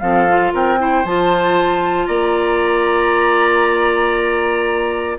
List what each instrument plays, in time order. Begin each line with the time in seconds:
0.00 bassoon F3, clarinet C4, oboe A4, flute F5
0.29 clarinet F4
0.53 bassoon C4, oboe A#4, flute G5
0.78 clarinet E4, oboe C5
1.04 bassoon F3, clarinet F4, flute A5
2.06 bassoon A#3, oboe D5, flute A#5